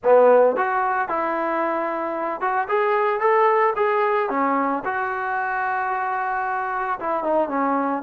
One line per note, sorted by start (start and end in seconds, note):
0.03 0.56 B3
0.56 1.08 F#4
1.08 2.40 E4
2.40 2.67 F#4
2.68 3.20 G#4
3.20 3.73 A4
3.75 4.29 G#4
4.29 4.83 C#4
4.85 6.99 F#4
6.99 7.23 E4
7.23 7.49 D#4
7.49 8.02 C#4